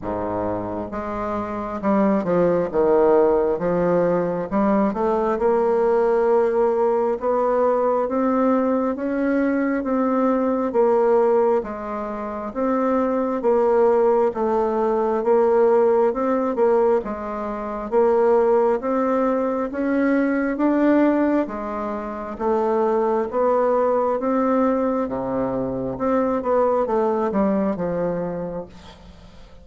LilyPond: \new Staff \with { instrumentName = "bassoon" } { \time 4/4 \tempo 4 = 67 gis,4 gis4 g8 f8 dis4 | f4 g8 a8 ais2 | b4 c'4 cis'4 c'4 | ais4 gis4 c'4 ais4 |
a4 ais4 c'8 ais8 gis4 | ais4 c'4 cis'4 d'4 | gis4 a4 b4 c'4 | c4 c'8 b8 a8 g8 f4 | }